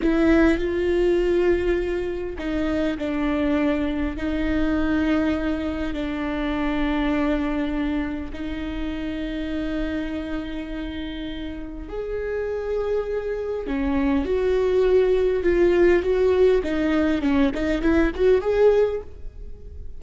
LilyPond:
\new Staff \with { instrumentName = "viola" } { \time 4/4 \tempo 4 = 101 e'4 f'2. | dis'4 d'2 dis'4~ | dis'2 d'2~ | d'2 dis'2~ |
dis'1 | gis'2. cis'4 | fis'2 f'4 fis'4 | dis'4 cis'8 dis'8 e'8 fis'8 gis'4 | }